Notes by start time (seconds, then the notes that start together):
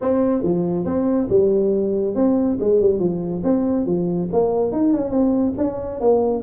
0.01 C4
0.43 F3
0.85 C4
1.29 G3
2.15 C4
2.59 G#3
2.80 G3
2.99 F3
3.43 C4
3.86 F3
4.32 A#3
4.72 D#4
4.93 C#4
5.10 C4
5.57 C#4
6.00 A#3